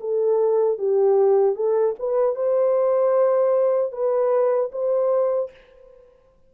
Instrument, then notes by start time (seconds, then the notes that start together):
horn
0.00 A4
0.78 G4
1.55 A4
1.99 B4
2.35 C5
3.92 B4
4.72 C5